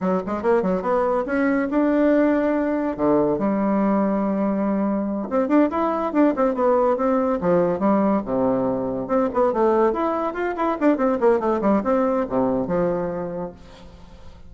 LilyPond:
\new Staff \with { instrumentName = "bassoon" } { \time 4/4 \tempo 4 = 142 fis8 gis8 ais8 fis8 b4 cis'4 | d'2. d4 | g1~ | g8 c'8 d'8 e'4 d'8 c'8 b8~ |
b8 c'4 f4 g4 c8~ | c4. c'8 b8 a4 e'8~ | e'8 f'8 e'8 d'8 c'8 ais8 a8 g8 | c'4 c4 f2 | }